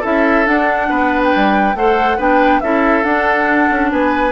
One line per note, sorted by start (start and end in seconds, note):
0.00 0.47 C#4
0.00 0.45 E4
0.00 0.86 A4
0.00 0.46 E5
0.45 1.75 D4
0.45 0.90 D4
0.45 1.22 F#5
0.89 1.33 B3
0.89 1.75 B4
1.23 1.76 G5
1.35 1.74 G3
1.74 2.17 A3
1.74 2.18 A4
1.74 2.17 C5
1.74 2.19 F#5
2.17 2.61 B3
2.17 2.61 D4
2.17 2.60 B4
2.17 2.60 G5
2.60 3.04 C#4
2.60 3.03 E4
2.60 3.91 A4
2.60 3.03 E5
3.03 4.32 D4
3.03 3.68 D4
3.03 3.90 F#5
3.70 3.92 C#4
3.91 4.32 B3
3.91 4.32 B4
3.91 4.32 G#5